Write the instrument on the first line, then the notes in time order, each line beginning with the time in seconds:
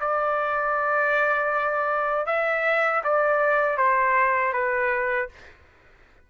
trumpet
0.00 D5
2.26 E5
3.04 D5
3.77 C5
4.53 B4